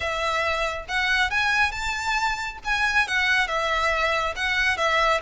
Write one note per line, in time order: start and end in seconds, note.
0.00 0.85 E5
0.88 1.30 F#5
1.30 1.71 G#5
1.71 2.58 A5
2.64 3.07 G#5
3.07 3.47 F#5
3.47 4.34 E5
4.36 4.77 F#5
4.77 5.21 E5